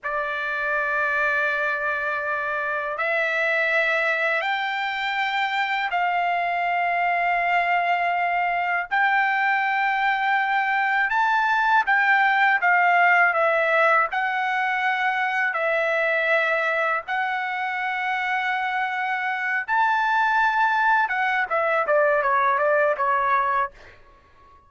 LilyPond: \new Staff \with { instrumentName = "trumpet" } { \time 4/4 \tempo 4 = 81 d''1 | e''2 g''2 | f''1 | g''2. a''4 |
g''4 f''4 e''4 fis''4~ | fis''4 e''2 fis''4~ | fis''2~ fis''8 a''4.~ | a''8 fis''8 e''8 d''8 cis''8 d''8 cis''4 | }